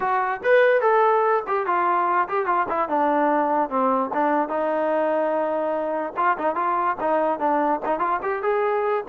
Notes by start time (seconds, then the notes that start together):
0.00 F#4
0.43 B4
0.81 A4
1.47 G4
1.66 F4
2.28 G4
2.46 F4
2.68 E4
2.88 D4
3.69 C4
4.13 D4
4.48 D#4
6.16 F4
6.38 D#4
6.55 F4
7.00 D#4
7.39 D4
7.85 D#4
7.99 F4
8.22 G4
8.42 G#4